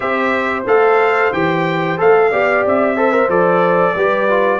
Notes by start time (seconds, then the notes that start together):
0.00 C4 G4 C5 E5
0.66 A3 A4 F5
1.32 E3 G4 G5
1.97 A3 A4 F5
2.30 B3 G4 D5
2.65 C4 E5
2.95 A4 C5
3.12 A#4
3.28 F3 A4 D5
3.95 G3 G4 B4
4.29 F4